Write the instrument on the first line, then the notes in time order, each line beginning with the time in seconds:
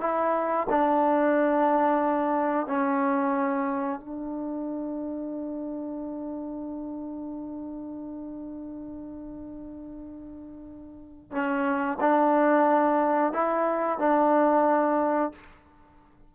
trombone
0.00 E4
0.69 D4
2.66 C#4
3.99 D4
11.31 C#4
12.00 D4
13.32 E4
13.98 D4